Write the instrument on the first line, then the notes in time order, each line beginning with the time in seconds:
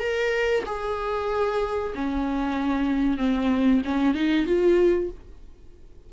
viola
0.00 A#4
0.66 G#4
1.95 C#4
3.18 C4
3.85 C#4
4.15 D#4
4.47 F4